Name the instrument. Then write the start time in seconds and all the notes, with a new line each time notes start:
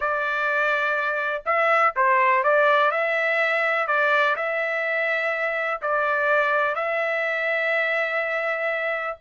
trumpet
0.00 D5
1.45 E5
1.96 C5
2.43 D5
2.91 E5
3.87 D5
4.36 E5
5.81 D5
6.75 E5